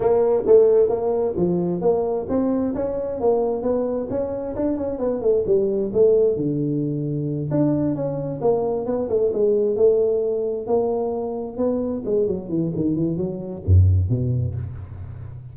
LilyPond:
\new Staff \with { instrumentName = "tuba" } { \time 4/4 \tempo 4 = 132 ais4 a4 ais4 f4 | ais4 c'4 cis'4 ais4 | b4 cis'4 d'8 cis'8 b8 a8 | g4 a4 d2~ |
d8 d'4 cis'4 ais4 b8 | a8 gis4 a2 ais8~ | ais4. b4 gis8 fis8 e8 | dis8 e8 fis4 fis,4 b,4 | }